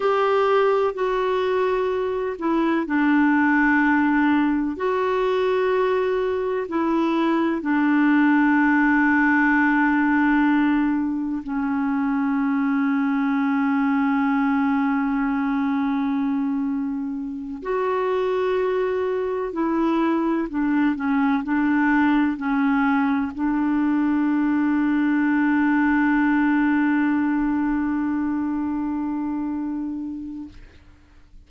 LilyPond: \new Staff \with { instrumentName = "clarinet" } { \time 4/4 \tempo 4 = 63 g'4 fis'4. e'8 d'4~ | d'4 fis'2 e'4 | d'1 | cis'1~ |
cis'2~ cis'8 fis'4.~ | fis'8 e'4 d'8 cis'8 d'4 cis'8~ | cis'8 d'2.~ d'8~ | d'1 | }